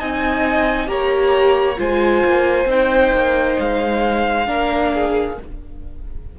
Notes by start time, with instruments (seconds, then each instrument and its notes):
0.00 cello C4, viola D#4, violin D#5 G#5
0.87 cello A#3, viola G4, violin C#5 A#5
1.77 cello G#3, viola F4, violin C5 G#5
2.26 cello A#3
2.66 cello C4, viola D#4, violin G5
3.13 cello A#3
3.60 cello G#3, violin F5
4.46 cello A#3, viola D4, violin A#4
4.95 violin G#4